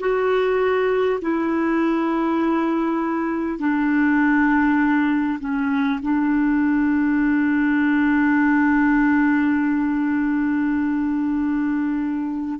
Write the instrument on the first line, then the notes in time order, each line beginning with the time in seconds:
clarinet
0.00 F#4
1.22 E4
3.59 D4
5.40 C#4
6.02 D4